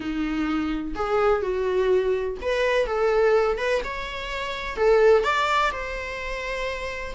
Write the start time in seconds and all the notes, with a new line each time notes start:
0.00 D#4
0.95 G#4
1.42 F#4
2.41 B4
2.86 A4
3.57 B4
3.84 C#5
4.76 A4
5.23 D5
5.71 C5